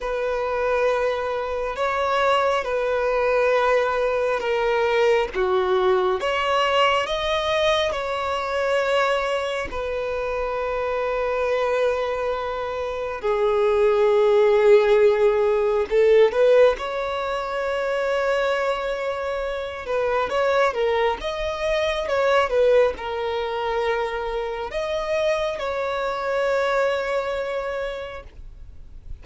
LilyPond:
\new Staff \with { instrumentName = "violin" } { \time 4/4 \tempo 4 = 68 b'2 cis''4 b'4~ | b'4 ais'4 fis'4 cis''4 | dis''4 cis''2 b'4~ | b'2. gis'4~ |
gis'2 a'8 b'8 cis''4~ | cis''2~ cis''8 b'8 cis''8 ais'8 | dis''4 cis''8 b'8 ais'2 | dis''4 cis''2. | }